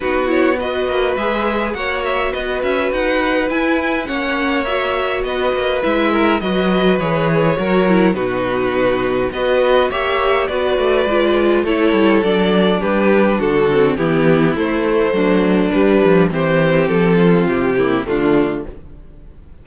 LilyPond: <<
  \new Staff \with { instrumentName = "violin" } { \time 4/4 \tempo 4 = 103 b'8 cis''8 dis''4 e''4 fis''8 e''8 | dis''8 e''8 fis''4 gis''4 fis''4 | e''4 dis''4 e''4 dis''4 | cis''2 b'2 |
dis''4 e''4 d''2 | cis''4 d''4 b'4 a'4 | g'4 c''2 b'4 | c''4 a'4 g'4 f'4 | }
  \new Staff \with { instrumentName = "violin" } { \time 4/4 fis'4 b'2 cis''4 | b'2. cis''4~ | cis''4 b'4. ais'8 b'4~ | b'4 ais'4 fis'2 |
b'4 cis''4 b'2 | a'2 g'4 fis'4 | e'2 d'2 | g'4. f'4 e'8 d'4 | }
  \new Staff \with { instrumentName = "viola" } { \time 4/4 dis'8 e'8 fis'4 gis'4 fis'4~ | fis'2 e'4 cis'4 | fis'2 e'4 fis'4 | gis'4 fis'8 e'8 dis'2 |
fis'4 g'4 fis'4 f'4 | e'4 d'2~ d'8 c'8 | b4 a2 g4 | c'2~ c'8 ais8 a4 | }
  \new Staff \with { instrumentName = "cello" } { \time 4/4 b4. ais8 gis4 ais4 | b8 cis'8 dis'4 e'4 ais4~ | ais4 b8 ais8 gis4 fis4 | e4 fis4 b,2 |
b4 ais4 b8 a8 gis4 | a8 g8 fis4 g4 d4 | e4 a4 fis4 g8 f8 | e4 f4 c4 d4 | }
>>